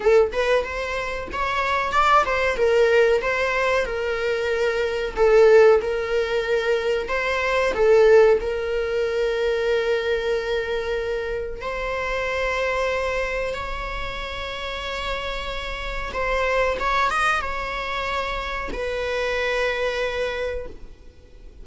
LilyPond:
\new Staff \with { instrumentName = "viola" } { \time 4/4 \tempo 4 = 93 a'8 b'8 c''4 cis''4 d''8 c''8 | ais'4 c''4 ais'2 | a'4 ais'2 c''4 | a'4 ais'2.~ |
ais'2 c''2~ | c''4 cis''2.~ | cis''4 c''4 cis''8 dis''8 cis''4~ | cis''4 b'2. | }